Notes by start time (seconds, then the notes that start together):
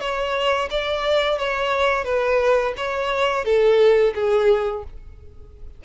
0.00 C#5
0.71 D5
1.39 C#5
2.05 B4
2.77 C#5
3.45 A4
4.15 G#4